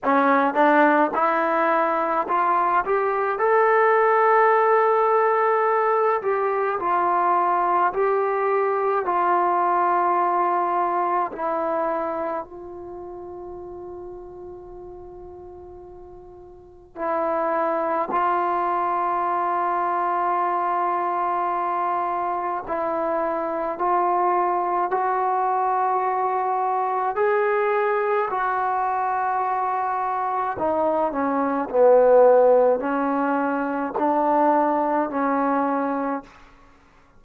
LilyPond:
\new Staff \with { instrumentName = "trombone" } { \time 4/4 \tempo 4 = 53 cis'8 d'8 e'4 f'8 g'8 a'4~ | a'4. g'8 f'4 g'4 | f'2 e'4 f'4~ | f'2. e'4 |
f'1 | e'4 f'4 fis'2 | gis'4 fis'2 dis'8 cis'8 | b4 cis'4 d'4 cis'4 | }